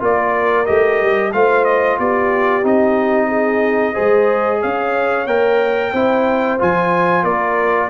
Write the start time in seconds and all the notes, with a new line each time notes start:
0.00 A#3 F4 A#4 D5
0.66 A3 G4 D#5
1.02 G3
1.33 A3 F4 C5 F5
1.65 D#5
1.99 B3 G4 D5
2.63 C4 D#4 D#5
3.28 G#4
3.94 G#3 G#4 C5
4.61 C#4 C#5 F5
5.27 A#3 A#4 G5
5.93 C4 E4 C5
6.59 F3 F4 G#5
7.23 A#3 A#4 D5